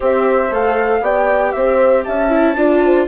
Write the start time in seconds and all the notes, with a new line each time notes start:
0.00 C4 G4 C5 E5
0.51 A3 A4 F5
1.01 B3 G4 D5 G5
1.52 C4 C5 E5
2.03 C#4 E5 A5
2.29 E4
2.56 D4 F4 D5
2.85 C5